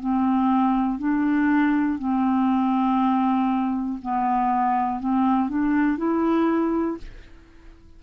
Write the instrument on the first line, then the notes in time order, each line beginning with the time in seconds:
clarinet
0.00 C4
0.99 D4
1.99 C4
4.02 B3
5.00 C4
5.49 D4
5.98 E4